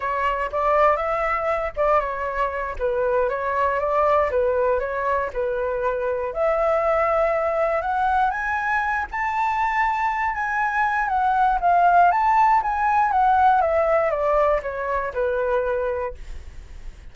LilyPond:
\new Staff \with { instrumentName = "flute" } { \time 4/4 \tempo 4 = 119 cis''4 d''4 e''4. d''8 | cis''4. b'4 cis''4 d''8~ | d''8 b'4 cis''4 b'4.~ | b'8 e''2. fis''8~ |
fis''8 gis''4. a''2~ | a''8 gis''4. fis''4 f''4 | a''4 gis''4 fis''4 e''4 | d''4 cis''4 b'2 | }